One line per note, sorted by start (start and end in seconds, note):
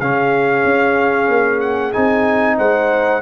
0.00 0.65 C#3
0.00 1.93 C#4
0.00 2.57 G#4
0.00 1.60 F5
0.65 1.28 C#4
1.28 1.93 A#3
1.60 1.93 F#5
1.93 2.59 C4
1.93 3.22 D#4
1.93 2.57 G#5
2.57 3.22 G#3
2.57 3.22 C5
2.57 3.22 F#5